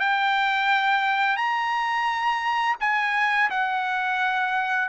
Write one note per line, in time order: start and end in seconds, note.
0.00 1.37 G5
1.37 2.77 A#5
2.81 3.50 G#5
3.50 4.89 F#5